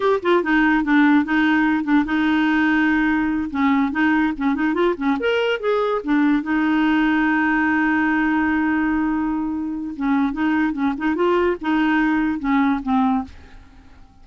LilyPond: \new Staff \with { instrumentName = "clarinet" } { \time 4/4 \tempo 4 = 145 g'8 f'8 dis'4 d'4 dis'4~ | dis'8 d'8 dis'2.~ | dis'8 cis'4 dis'4 cis'8 dis'8 f'8 | cis'8 ais'4 gis'4 d'4 dis'8~ |
dis'1~ | dis'1 | cis'4 dis'4 cis'8 dis'8 f'4 | dis'2 cis'4 c'4 | }